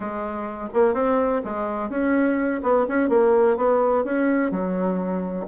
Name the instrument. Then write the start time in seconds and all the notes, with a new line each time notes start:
bassoon
0.00 G#3
0.73 A#3
0.94 C4
1.44 G#3
1.89 C#4
2.62 B3
2.87 C#4
3.09 A#3
3.56 B3
4.04 C#4
4.51 F#3